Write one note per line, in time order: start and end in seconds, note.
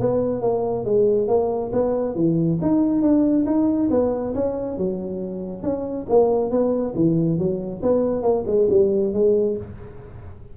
0.00 0.42 B3
0.42 0.85 A#3
0.85 1.28 G#3
1.28 1.71 A#3
1.73 2.16 B3
2.16 2.59 E3
2.62 3.02 D#4
3.02 3.46 D4
3.46 3.90 D#4
3.91 4.34 B3
4.35 4.78 C#4
4.78 5.63 F#3
5.63 6.07 C#4
6.10 6.51 A#3
6.51 6.94 B3
6.96 7.39 E3
7.39 7.82 F#3
7.83 8.23 B3
8.23 8.45 A#3
8.47 8.69 G#3
8.70 9.14 G3
9.14 9.57 G#3